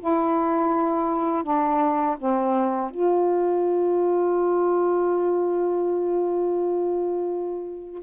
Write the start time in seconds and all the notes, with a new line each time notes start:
0.00 E4
1.44 D4
2.19 C4
2.91 F4